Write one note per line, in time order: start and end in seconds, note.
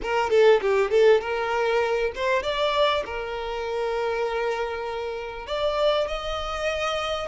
0.02 0.30 A#4
0.30 0.60 A4
0.61 0.90 G4
0.90 1.20 A4
1.21 2.12 A#4
2.15 2.42 C5
2.42 3.03 D5
3.05 5.47 A#4
5.47 6.07 D5
6.07 7.28 D#5